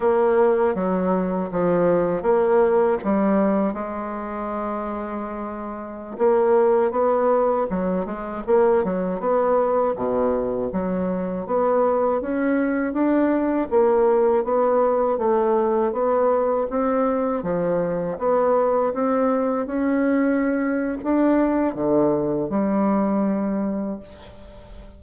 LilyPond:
\new Staff \with { instrumentName = "bassoon" } { \time 4/4 \tempo 4 = 80 ais4 fis4 f4 ais4 | g4 gis2.~ | gis16 ais4 b4 fis8 gis8 ais8 fis16~ | fis16 b4 b,4 fis4 b8.~ |
b16 cis'4 d'4 ais4 b8.~ | b16 a4 b4 c'4 f8.~ | f16 b4 c'4 cis'4.~ cis'16 | d'4 d4 g2 | }